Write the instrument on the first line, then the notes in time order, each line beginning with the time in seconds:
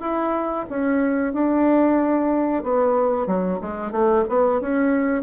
bassoon
0.00 E4
0.69 C#4
1.33 D4
2.63 B3
3.26 F#3
3.61 G#3
3.91 A3
4.28 B3
4.61 C#4